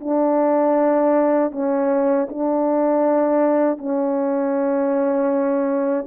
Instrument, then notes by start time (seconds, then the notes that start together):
horn
0.00 D4
1.52 C#4
2.29 D4
3.78 C#4